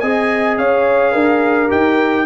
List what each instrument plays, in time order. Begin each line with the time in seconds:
0.00 tuba C4, trombone G#4, horn D#5, trumpet G#5
0.58 tuba C#4, horn C#5, trumpet F5
1.12 tuba D4, horn A#4
1.69 tuba D#4, trombone G4, trumpet G5